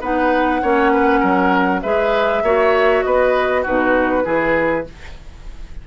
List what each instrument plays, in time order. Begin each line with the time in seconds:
0.00 bassoon B3, clarinet D#4, oboe B4, flute F#5
0.61 bassoon A#3, clarinet C#4, oboe C#5
0.92 oboe B4
1.19 bassoon F#3, oboe A#4
1.81 bassoon G#3, clarinet G#4, oboe B4, flute E5
2.42 bassoon A#3, clarinet F#4, oboe C#5
3.03 bassoon B3, oboe B4, flute D#5
3.62 bassoon B2, clarinet D#4, oboe F#4, flute B4
4.23 bassoon E3, clarinet E4, oboe G#4